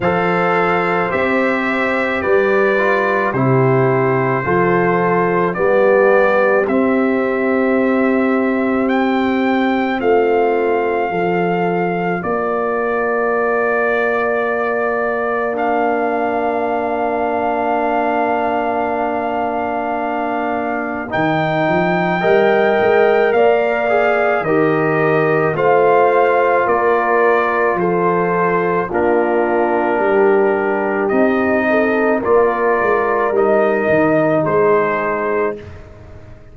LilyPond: <<
  \new Staff \with { instrumentName = "trumpet" } { \time 4/4 \tempo 4 = 54 f''4 e''4 d''4 c''4~ | c''4 d''4 e''2 | g''4 f''2 d''4~ | d''2 f''2~ |
f''2. g''4~ | g''4 f''4 dis''4 f''4 | d''4 c''4 ais'2 | dis''4 d''4 dis''4 c''4 | }
  \new Staff \with { instrumentName = "horn" } { \time 4/4 c''2 b'4 g'4 | a'4 g'2.~ | g'4 f'4 a'4 ais'4~ | ais'1~ |
ais'1 | dis''4 d''4 ais'4 c''4 | ais'4 a'4 f'4 g'4~ | g'8 a'8 ais'2 gis'4 | }
  \new Staff \with { instrumentName = "trombone" } { \time 4/4 a'4 g'4. f'8 e'4 | f'4 b4 c'2~ | c'2 f'2~ | f'2 d'2~ |
d'2. dis'4 | ais'4. gis'8 g'4 f'4~ | f'2 d'2 | dis'4 f'4 dis'2 | }
  \new Staff \with { instrumentName = "tuba" } { \time 4/4 f4 c'4 g4 c4 | f4 g4 c'2~ | c'4 a4 f4 ais4~ | ais1~ |
ais2. dis8 f8 | g8 gis8 ais4 dis4 a4 | ais4 f4 ais4 g4 | c'4 ais8 gis8 g8 dis8 gis4 | }
>>